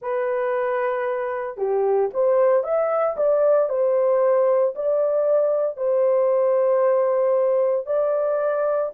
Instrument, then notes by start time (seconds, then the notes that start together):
horn
0.01 B4
1.57 G4
2.13 C5
2.63 E5
3.17 D5
3.69 C5
4.75 D5
5.77 C5
7.86 D5